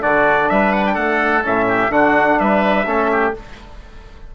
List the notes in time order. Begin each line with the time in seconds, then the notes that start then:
0.00 D3 D4 F#4 D5
0.49 G3 B4 E5
0.72 F#5
0.86 G5
0.93 A3 A4 F#5
1.43 A2 C#4 E5
1.68 G4
1.89 D3 D4 F#4 F#5
2.39 G3 B4 E5
2.86 A3 C#4 A4
3.11 G4